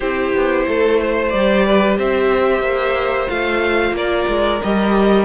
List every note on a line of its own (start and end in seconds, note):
0.00 0.34 C4
0.00 1.32 E4
0.00 0.65 G4
0.00 1.29 C5
0.34 0.67 B3
0.67 1.33 A3
0.67 1.00 A4
1.00 1.65 C5
1.29 1.98 G3
1.29 3.27 G4
1.29 1.95 D5
1.65 1.98 B4
1.98 2.61 C4
1.98 3.96 C5
1.98 3.29 E5
2.61 3.27 A#3
3.27 3.91 A3
3.27 4.59 F4
3.27 3.95 F5
3.91 4.24 A#3
3.91 5.25 A#4
3.91 4.62 D5
4.28 4.61 G#3
4.62 5.25 G3
4.62 5.25 G4
4.62 5.25 D#5